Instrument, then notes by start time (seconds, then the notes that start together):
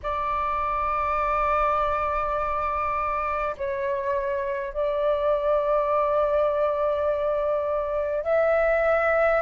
flute
0.02 D5
3.57 C#5
4.73 D5
8.24 E5